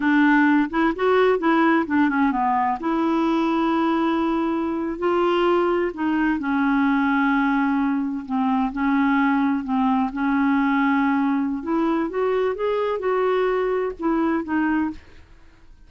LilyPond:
\new Staff \with { instrumentName = "clarinet" } { \time 4/4 \tempo 4 = 129 d'4. e'8 fis'4 e'4 | d'8 cis'8 b4 e'2~ | e'2~ e'8. f'4~ f'16~ | f'8. dis'4 cis'2~ cis'16~ |
cis'4.~ cis'16 c'4 cis'4~ cis'16~ | cis'8. c'4 cis'2~ cis'16~ | cis'4 e'4 fis'4 gis'4 | fis'2 e'4 dis'4 | }